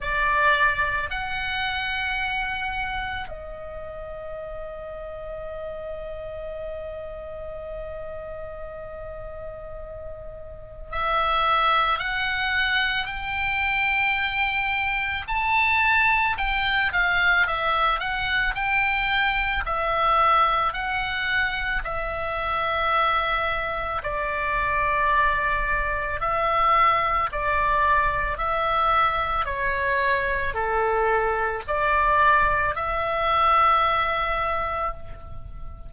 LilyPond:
\new Staff \with { instrumentName = "oboe" } { \time 4/4 \tempo 4 = 55 d''4 fis''2 dis''4~ | dis''1~ | dis''2 e''4 fis''4 | g''2 a''4 g''8 f''8 |
e''8 fis''8 g''4 e''4 fis''4 | e''2 d''2 | e''4 d''4 e''4 cis''4 | a'4 d''4 e''2 | }